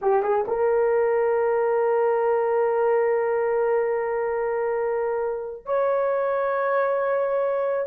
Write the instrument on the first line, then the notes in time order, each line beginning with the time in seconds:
horn
0.01 G4
0.22 G#4
0.47 A#4
5.65 C#5